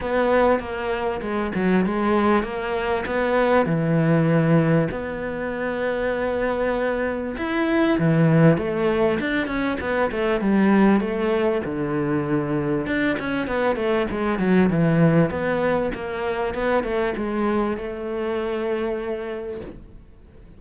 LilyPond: \new Staff \with { instrumentName = "cello" } { \time 4/4 \tempo 4 = 98 b4 ais4 gis8 fis8 gis4 | ais4 b4 e2 | b1 | e'4 e4 a4 d'8 cis'8 |
b8 a8 g4 a4 d4~ | d4 d'8 cis'8 b8 a8 gis8 fis8 | e4 b4 ais4 b8 a8 | gis4 a2. | }